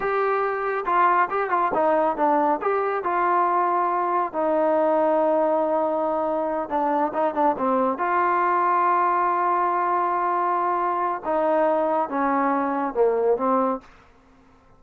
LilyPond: \new Staff \with { instrumentName = "trombone" } { \time 4/4 \tempo 4 = 139 g'2 f'4 g'8 f'8 | dis'4 d'4 g'4 f'4~ | f'2 dis'2~ | dis'2.~ dis'8 d'8~ |
d'8 dis'8 d'8 c'4 f'4.~ | f'1~ | f'2 dis'2 | cis'2 ais4 c'4 | }